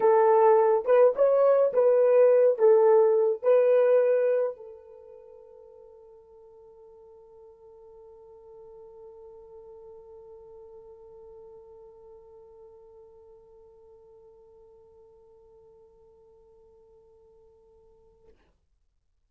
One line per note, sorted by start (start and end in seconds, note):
0.00 0.85 A4
0.85 1.14 B4
1.15 1.72 C#5
1.73 2.58 B4
2.58 3.42 A4
3.42 4.56 B4
4.56 18.27 A4